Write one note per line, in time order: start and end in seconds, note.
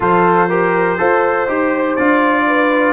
0.00 0.98 F3
0.00 0.49 F4
0.00 0.48 A4
0.00 1.96 C5
0.48 0.98 G4
0.48 0.98 A#4
0.98 1.48 F4
0.98 1.47 A4
0.98 2.46 C5
1.48 1.97 D#4
1.48 1.97 G4
1.96 2.93 D4
1.96 2.93 F4
1.96 2.93 D5
2.47 2.93 B4